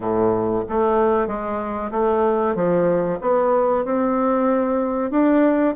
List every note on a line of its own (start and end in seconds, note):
0.00 0.63 A2
0.68 1.27 A3
1.27 1.91 G#3
1.91 2.55 A3
2.55 3.19 F3
3.21 3.84 B3
3.84 5.11 C4
5.11 5.74 D4